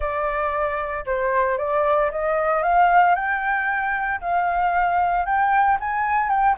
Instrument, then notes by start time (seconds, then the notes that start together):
flute
0.00 D5
1.05 C5
1.58 D5
2.11 D#5
2.62 F5
3.15 G5
4.21 F5
5.25 G5
5.79 G#5
6.29 G5